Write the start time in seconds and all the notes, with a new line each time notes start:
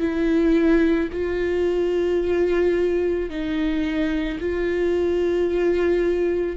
0.00 E4
1.12 F4
3.30 D#4
4.39 F4